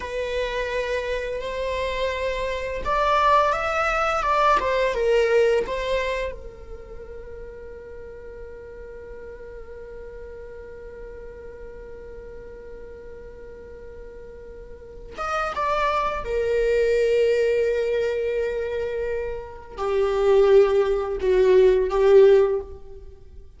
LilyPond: \new Staff \with { instrumentName = "viola" } { \time 4/4 \tempo 4 = 85 b'2 c''2 | d''4 e''4 d''8 c''8 ais'4 | c''4 ais'2.~ | ais'1~ |
ais'1~ | ais'4. dis''8 d''4 ais'4~ | ais'1 | g'2 fis'4 g'4 | }